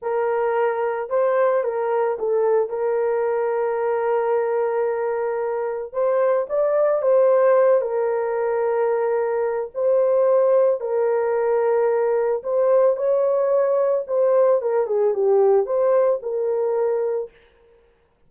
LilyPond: \new Staff \with { instrumentName = "horn" } { \time 4/4 \tempo 4 = 111 ais'2 c''4 ais'4 | a'4 ais'2.~ | ais'2. c''4 | d''4 c''4. ais'4.~ |
ais'2 c''2 | ais'2. c''4 | cis''2 c''4 ais'8 gis'8 | g'4 c''4 ais'2 | }